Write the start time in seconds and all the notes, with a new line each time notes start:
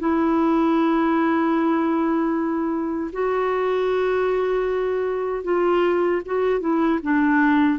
0.00 E4
3.13 F#4
5.44 F4
6.26 F#4
6.61 E4
7.03 D4